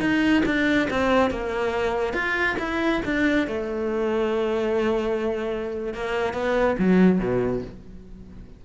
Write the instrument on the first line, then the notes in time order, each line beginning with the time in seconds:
cello
0.00 D#4
0.45 D4
0.90 C4
1.30 A#3
2.13 F4
2.59 E4
3.05 D4
3.47 A3
5.93 A#3
6.33 B3
6.78 F#3
7.19 B2